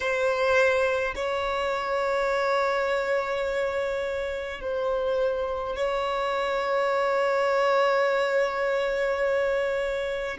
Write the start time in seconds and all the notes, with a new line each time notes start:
0.00 C5
1.15 C#5
4.60 C5
5.76 C#5